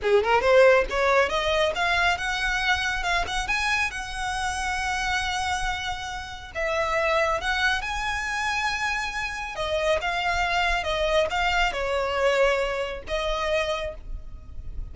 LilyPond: \new Staff \with { instrumentName = "violin" } { \time 4/4 \tempo 4 = 138 gis'8 ais'8 c''4 cis''4 dis''4 | f''4 fis''2 f''8 fis''8 | gis''4 fis''2.~ | fis''2. e''4~ |
e''4 fis''4 gis''2~ | gis''2 dis''4 f''4~ | f''4 dis''4 f''4 cis''4~ | cis''2 dis''2 | }